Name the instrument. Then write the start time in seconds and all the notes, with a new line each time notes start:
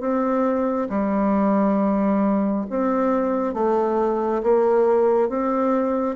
bassoon
0.00 C4
0.89 G3
2.70 C4
3.54 A3
4.43 A#3
5.29 C4